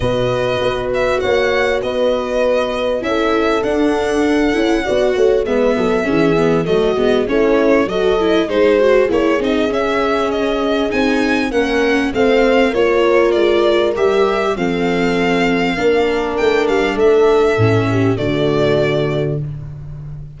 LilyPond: <<
  \new Staff \with { instrumentName = "violin" } { \time 4/4 \tempo 4 = 99 dis''4. e''8 fis''4 dis''4~ | dis''4 e''4 fis''2~ | fis''4 e''2 dis''4 | cis''4 dis''4 c''4 cis''8 dis''8 |
e''4 dis''4 gis''4 fis''4 | f''4 cis''4 d''4 e''4 | f''2. g''8 f''8 | e''2 d''2 | }
  \new Staff \with { instrumentName = "horn" } { \time 4/4 b'2 cis''4 b'4~ | b'4 a'2. | d''8 cis''8 b'8 a'8 gis'4 fis'4 | e'4 a'4 gis'2~ |
gis'2. ais'4 | c''4 ais'2. | a'2 ais'2 | a'4. g'8 fis'2 | }
  \new Staff \with { instrumentName = "viola" } { \time 4/4 fis'1~ | fis'4 e'4 d'4. e'8 | fis'4 b4 cis'8 b8 a8 b8 | cis'4 fis'8 e'8 dis'8 fis'8 e'8 dis'8 |
cis'2 dis'4 cis'4 | c'4 f'2 g'4 | c'2 d'2~ | d'4 cis'4 a2 | }
  \new Staff \with { instrumentName = "tuba" } { \time 4/4 b,4 b4 ais4 b4~ | b4 cis'4 d'4. cis'8 | b8 a8 gis8 fis8 e4 fis8 gis8 | a4 fis4 gis4 ais8 c'8 |
cis'2 c'4 ais4 | a4 ais4 gis4 g4 | f2 ais4 a8 g8 | a4 a,4 d2 | }
>>